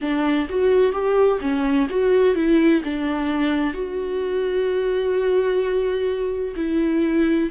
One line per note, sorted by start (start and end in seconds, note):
0.01 0.48 D4
0.49 0.92 F#4
0.92 1.39 G4
1.40 1.87 C#4
1.89 2.35 F#4
2.35 2.82 E4
2.84 3.73 D4
3.73 6.55 F#4
6.56 7.50 E4